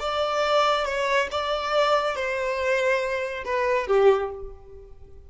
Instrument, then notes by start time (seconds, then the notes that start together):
violin
0.00 D5
0.86 C#5
1.31 D5
2.16 C5
3.46 B4
3.88 G4